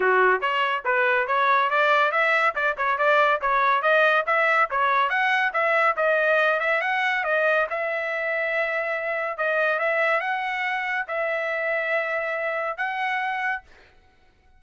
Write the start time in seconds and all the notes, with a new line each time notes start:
0.00 F#4
0.40 C#5
0.85 B4
1.27 C#5
1.69 D5
2.11 E5
2.55 D5
2.77 C#5
2.97 D5
3.41 C#5
3.82 D#5
4.26 E5
4.70 C#5
5.09 F#5
5.53 E5
5.96 D#5
6.60 E5
6.81 F#5
7.24 D#5
7.69 E5
9.37 D#5
9.79 E5
10.20 F#5
11.07 E5
12.77 F#5